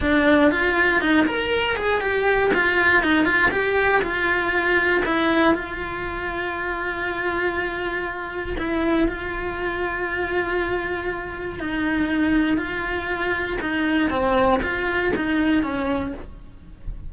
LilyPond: \new Staff \with { instrumentName = "cello" } { \time 4/4 \tempo 4 = 119 d'4 f'4 dis'8 ais'4 gis'8 | g'4 f'4 dis'8 f'8 g'4 | f'2 e'4 f'4~ | f'1~ |
f'4 e'4 f'2~ | f'2. dis'4~ | dis'4 f'2 dis'4 | c'4 f'4 dis'4 cis'4 | }